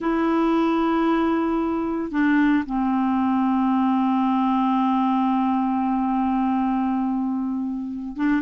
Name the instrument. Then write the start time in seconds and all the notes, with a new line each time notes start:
clarinet
0.00 E4
2.11 D4
2.65 C4
8.16 D4